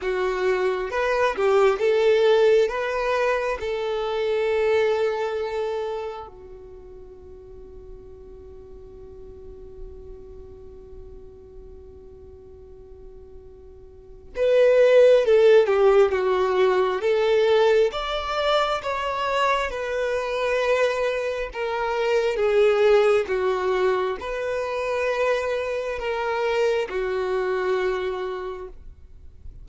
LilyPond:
\new Staff \with { instrumentName = "violin" } { \time 4/4 \tempo 4 = 67 fis'4 b'8 g'8 a'4 b'4 | a'2. fis'4~ | fis'1~ | fis'1 |
b'4 a'8 g'8 fis'4 a'4 | d''4 cis''4 b'2 | ais'4 gis'4 fis'4 b'4~ | b'4 ais'4 fis'2 | }